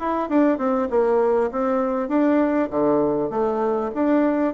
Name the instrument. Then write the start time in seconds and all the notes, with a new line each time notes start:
bassoon
0.00 E4
0.30 D4
0.58 C4
0.91 A#3
1.52 C4
2.09 D4
2.71 D3
3.30 A3
3.95 D4